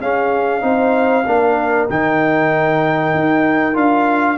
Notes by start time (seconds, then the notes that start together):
0.00 C#4 G#4 F5
0.61 C4 D#4 C5
1.26 A#3 D4 A#4
1.90 D#3 D#4 G5
3.14 D#4
3.74 D4 F4 F5